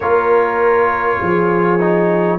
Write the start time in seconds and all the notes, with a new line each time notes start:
0.00 A#3 F4 A#4 C#5
1.19 F3 G#4
1.79 D#4